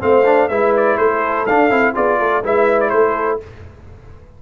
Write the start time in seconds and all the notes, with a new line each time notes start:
0.00 A3 C4 C5 F5
0.26 D4
0.49 G#3 E4 B4 E5
0.77 D5
0.98 A3 A4 C5
1.47 D4 F5
1.70 C4 E4
1.94 B3 F4 G#4 D5
2.20 A3 A4
2.44 G#3 E4 B4 E5
2.81 D5
2.90 A3 A4 C5